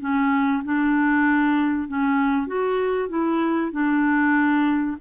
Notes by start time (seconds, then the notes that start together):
0.00 C#4
0.64 D4
1.88 C#4
2.46 F#4
3.09 E4
3.72 D4